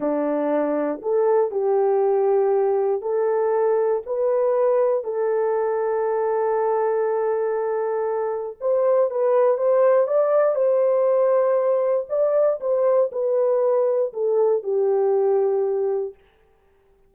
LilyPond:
\new Staff \with { instrumentName = "horn" } { \time 4/4 \tempo 4 = 119 d'2 a'4 g'4~ | g'2 a'2 | b'2 a'2~ | a'1~ |
a'4 c''4 b'4 c''4 | d''4 c''2. | d''4 c''4 b'2 | a'4 g'2. | }